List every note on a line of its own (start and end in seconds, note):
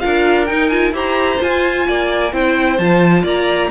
0.00 0.50 D4
0.00 0.47 F4
0.00 0.94 A#4
0.00 0.46 F5
0.46 0.71 D#4
0.46 0.92 D#4
0.46 0.69 G5
0.69 0.94 F4
0.69 0.92 G#5
0.92 1.38 E4
0.92 1.38 G4
0.92 1.87 C5
0.92 1.42 A#5
1.38 2.30 F4
1.38 1.88 F4
1.38 2.34 G#5
1.88 2.33 A#3
1.88 2.34 D5
2.33 2.79 C4
2.33 2.79 E4
2.33 3.23 C5
2.33 2.78 G5
2.78 3.23 F3
2.78 3.71 F4
2.78 3.25 A5
3.23 3.69 A#3
3.23 3.69 D5
3.23 3.71 A#5